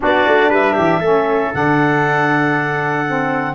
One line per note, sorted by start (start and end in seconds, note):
0.00 0.26 B3
0.00 1.01 D4
0.00 0.49 F#4
0.00 0.53 D5
0.26 0.49 A3
0.49 0.75 G3
0.49 0.73 B4
0.49 1.54 E5
0.73 1.00 E3
0.73 0.98 G4
1.00 1.51 A3
1.00 1.52 C#4
1.00 3.54 A4
1.52 3.55 D3
1.52 3.05 D4
1.52 3.55 F#5
3.05 3.55 C4